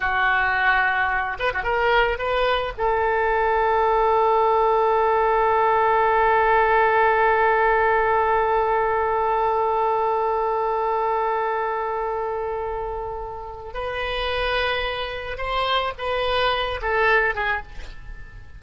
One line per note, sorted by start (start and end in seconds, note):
0.00 1.37 F#4
1.39 1.53 B4
1.53 1.63 F#4
1.63 2.18 A#4
2.18 2.73 B4
2.77 13.73 A4
13.73 15.37 B4
15.37 15.92 C5
15.98 16.80 B4
16.81 17.34 A4
17.34 17.62 G#4